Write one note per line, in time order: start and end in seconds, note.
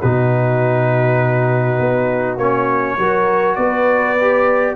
0.00 1.79 B2
0.00 2.39 D#4
0.00 2.97 F#4
0.00 2.38 B4
1.79 2.37 B3
2.37 2.97 A#3
2.37 2.98 C#4
2.37 3.55 C#5
2.98 3.57 F#3
2.98 4.17 F#4
2.98 3.57 A#4
3.55 4.75 B3
3.55 4.76 B4
3.55 4.74 D5
4.20 4.76 G4